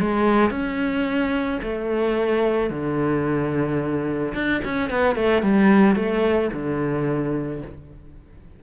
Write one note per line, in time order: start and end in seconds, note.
0.00 0.50 G#3
0.50 1.59 C#4
1.62 2.70 A3
2.70 4.34 D3
4.34 4.61 D4
4.64 4.90 C#4
4.90 5.16 B3
5.16 5.42 A3
5.42 5.96 G3
5.96 6.50 A3
6.53 7.62 D3